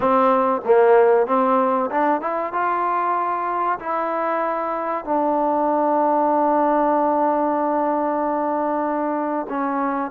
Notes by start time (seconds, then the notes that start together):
0.00 C4
0.64 A#3
1.27 C4
1.90 D4
2.21 E4
2.52 F4
3.79 E4
5.04 D4
9.49 C#4